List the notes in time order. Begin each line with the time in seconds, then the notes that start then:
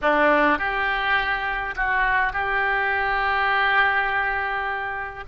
0.01 D4
0.58 G4
1.76 F#4
2.32 G4